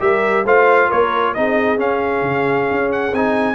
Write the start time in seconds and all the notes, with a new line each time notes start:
0.00 G3 G4 A#4 E5
0.45 A3 F4 C5 F5
0.89 A#3 A#4 C#5
1.34 C4 D#4 G#4 D#5
1.78 C#4 F5
2.22 C#3
2.71 C#4
2.92 F#5
3.13 C4 D#4 G#5